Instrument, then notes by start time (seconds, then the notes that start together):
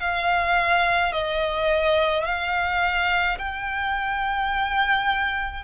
violin
0.00 F5
1.12 D#5
2.25 F5
3.38 G5